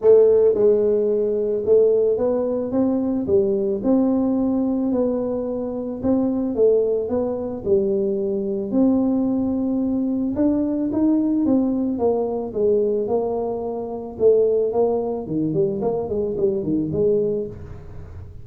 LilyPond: \new Staff \with { instrumentName = "tuba" } { \time 4/4 \tempo 4 = 110 a4 gis2 a4 | b4 c'4 g4 c'4~ | c'4 b2 c'4 | a4 b4 g2 |
c'2. d'4 | dis'4 c'4 ais4 gis4 | ais2 a4 ais4 | dis8 g8 ais8 gis8 g8 dis8 gis4 | }